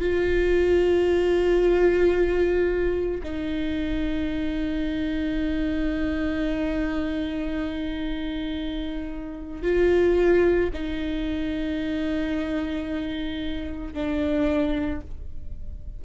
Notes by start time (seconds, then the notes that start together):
0.00 F4
3.23 D#4
9.62 F4
10.73 D#4
13.94 D4